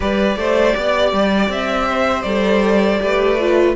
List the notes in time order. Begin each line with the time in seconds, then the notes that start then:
0.00 G3 G4 B4 D5
0.36 A3 C5
0.76 B3 D5
1.12 G3
1.48 C4 E5
1.88 C5
2.22 G3 A4 D5
2.99 A3 G4 B4
3.40 F4